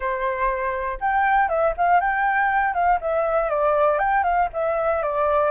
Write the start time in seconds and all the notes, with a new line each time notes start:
0.00 C5
1.00 G5
1.48 E5
1.77 F5
2.00 G5
2.74 F5
3.00 E5
3.49 D5
3.99 G5
4.23 F5
4.53 E5
5.02 D5